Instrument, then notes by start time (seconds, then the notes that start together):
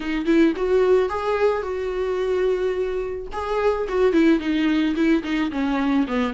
viola
0.00 D#4
0.25 E4
0.56 F#4
1.09 G#4
1.62 F#4
3.32 G#4
3.88 F#4
4.12 E4
4.39 D#4
4.95 E4
5.23 D#4
5.51 C#4
6.07 B3